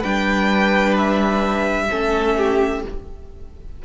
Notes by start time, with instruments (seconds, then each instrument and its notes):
0.00 cello G3, viola D4, violin B4 G5
0.98 violin E5
1.90 cello A3, viola C#4, violin A4
2.37 violin G4